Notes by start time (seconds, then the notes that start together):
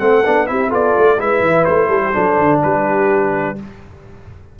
0.00 A3 C4 A4 F#5
0.25 B3 D4
0.47 C4 E4 G4 E5
0.69 B3 F4 A4 D5
0.98 A3
1.19 G#3 E4 B4 E5
1.41 E3
1.65 A3 C5
1.88 G3 A4
2.05 G4
2.13 F#3 D4 A4
2.38 D3
2.63 G3 G4 B4